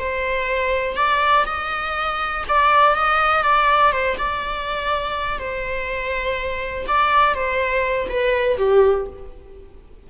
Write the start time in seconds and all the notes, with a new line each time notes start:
0.00 C5
0.97 D5
1.46 D#5
2.49 D5
2.96 D#5
3.43 D5
3.93 C5
4.18 D5
5.39 C5
6.88 D5
7.35 C5
8.10 B4
8.58 G4